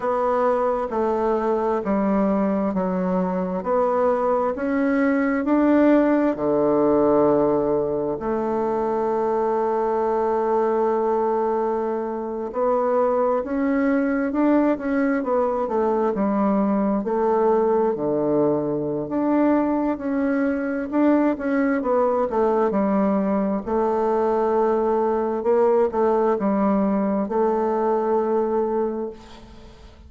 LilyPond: \new Staff \with { instrumentName = "bassoon" } { \time 4/4 \tempo 4 = 66 b4 a4 g4 fis4 | b4 cis'4 d'4 d4~ | d4 a2.~ | a4.~ a16 b4 cis'4 d'16~ |
d'16 cis'8 b8 a8 g4 a4 d16~ | d4 d'4 cis'4 d'8 cis'8 | b8 a8 g4 a2 | ais8 a8 g4 a2 | }